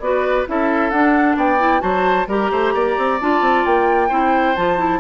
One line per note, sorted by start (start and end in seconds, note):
0.00 0.45 B3
0.00 0.46 F#4
0.00 0.49 B4
0.00 0.46 D5
0.46 0.92 C#4
0.46 0.92 E4
0.46 1.37 A4
0.46 0.91 E5
0.91 1.36 D4
0.91 1.59 D4
0.91 1.36 F#5
1.36 1.82 B3
1.36 1.82 D5
1.36 1.81 G5
1.59 1.80 E4
1.80 2.27 F#3
1.80 2.25 F#4
1.80 2.28 C5
1.80 2.27 A5
2.27 2.50 G3
2.27 3.20 G4
2.27 2.51 A#4
2.27 3.20 A#5
2.52 2.74 A3
2.52 2.74 C5
2.74 2.97 A#3
2.74 4.09 D5
2.98 3.20 C4
3.21 3.41 D4
3.21 4.10 F4
3.21 3.66 A5
3.41 3.64 C4
3.66 4.11 A#3
3.66 4.56 G5
4.09 4.56 C4
4.09 4.55 E4
4.09 5.00 C5
4.56 5.00 F3
4.56 4.78 F4
4.56 5.00 A5
4.78 5.00 E4